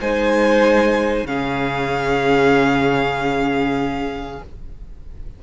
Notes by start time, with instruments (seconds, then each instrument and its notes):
0.00 cello G#3, viola D#4, violin C5 G#5
1.23 cello C#3, viola C#4, violin G#4 F5